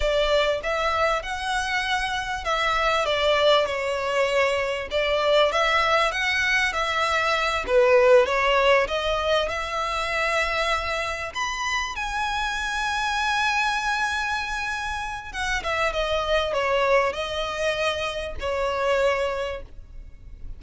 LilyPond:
\new Staff \with { instrumentName = "violin" } { \time 4/4 \tempo 4 = 98 d''4 e''4 fis''2 | e''4 d''4 cis''2 | d''4 e''4 fis''4 e''4~ | e''8 b'4 cis''4 dis''4 e''8~ |
e''2~ e''8 b''4 gis''8~ | gis''1~ | gis''4 fis''8 e''8 dis''4 cis''4 | dis''2 cis''2 | }